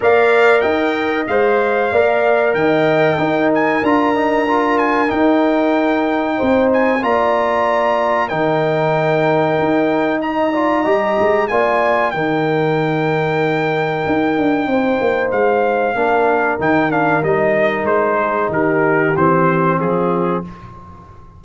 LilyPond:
<<
  \new Staff \with { instrumentName = "trumpet" } { \time 4/4 \tempo 4 = 94 f''4 g''4 f''2 | g''4. gis''8 ais''4. gis''8 | g''2~ g''8 gis''8 ais''4~ | ais''4 g''2. |
ais''2 gis''4 g''4~ | g''1 | f''2 g''8 f''8 dis''4 | c''4 ais'4 c''4 gis'4 | }
  \new Staff \with { instrumentName = "horn" } { \time 4/4 d''4 dis''2 d''4 | dis''4 ais'2.~ | ais'2 c''4 d''4~ | d''4 ais'2. |
dis''8 d''8 dis''4 d''4 ais'4~ | ais'2. c''4~ | c''4 ais'2.~ | ais'8 gis'8 g'2 f'4 | }
  \new Staff \with { instrumentName = "trombone" } { \time 4/4 ais'2 c''4 ais'4~ | ais'4 dis'4 f'8 dis'8 f'4 | dis'2. f'4~ | f'4 dis'2.~ |
dis'8 f'8 g'4 f'4 dis'4~ | dis'1~ | dis'4 d'4 dis'8 d'8 dis'4~ | dis'2 c'2 | }
  \new Staff \with { instrumentName = "tuba" } { \time 4/4 ais4 dis'4 gis4 ais4 | dis4 dis'4 d'2 | dis'2 c'4 ais4~ | ais4 dis2 dis'4~ |
dis'4 g8 gis8 ais4 dis4~ | dis2 dis'8 d'8 c'8 ais8 | gis4 ais4 dis4 g4 | gis4 dis4 e4 f4 | }
>>